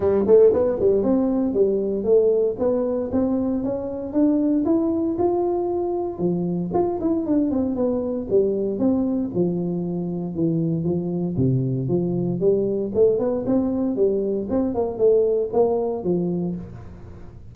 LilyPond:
\new Staff \with { instrumentName = "tuba" } { \time 4/4 \tempo 4 = 116 g8 a8 b8 g8 c'4 g4 | a4 b4 c'4 cis'4 | d'4 e'4 f'2 | f4 f'8 e'8 d'8 c'8 b4 |
g4 c'4 f2 | e4 f4 c4 f4 | g4 a8 b8 c'4 g4 | c'8 ais8 a4 ais4 f4 | }